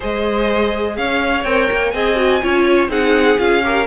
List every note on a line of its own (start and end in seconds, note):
0.00 0.97 G#3
0.00 1.44 G#4
0.00 0.96 C5
0.00 0.96 D#5
0.96 1.44 C#4
0.96 1.93 C#5
0.96 1.43 F5
1.43 1.68 C4
1.43 1.93 A#4
1.43 1.90 G5
1.71 1.93 A#3
1.90 2.42 C4
1.90 2.16 G#4
1.90 2.42 D#5
1.90 2.87 G#5
2.16 2.40 F#4
2.42 2.88 C#4
2.42 2.89 F4
2.42 2.90 C#5
2.88 3.36 C4
2.88 3.37 D#4
2.88 3.63 G#4
2.88 3.39 F#5
3.38 3.86 C#4
3.38 3.62 F4
3.38 3.86 F5
3.63 3.86 G4
3.63 3.86 A#4